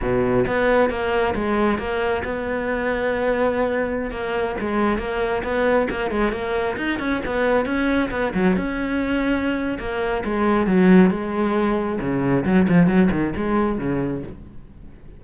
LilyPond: \new Staff \with { instrumentName = "cello" } { \time 4/4 \tempo 4 = 135 b,4 b4 ais4 gis4 | ais4 b2.~ | b4~ b16 ais4 gis4 ais8.~ | ais16 b4 ais8 gis8 ais4 dis'8 cis'16~ |
cis'16 b4 cis'4 b8 fis8 cis'8.~ | cis'2 ais4 gis4 | fis4 gis2 cis4 | fis8 f8 fis8 dis8 gis4 cis4 | }